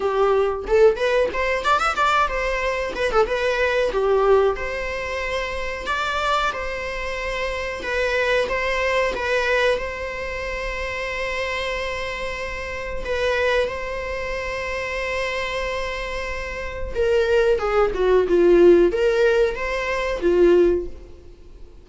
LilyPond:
\new Staff \with { instrumentName = "viola" } { \time 4/4 \tempo 4 = 92 g'4 a'8 b'8 c''8 d''16 e''16 d''8 c''8~ | c''8 b'16 a'16 b'4 g'4 c''4~ | c''4 d''4 c''2 | b'4 c''4 b'4 c''4~ |
c''1 | b'4 c''2.~ | c''2 ais'4 gis'8 fis'8 | f'4 ais'4 c''4 f'4 | }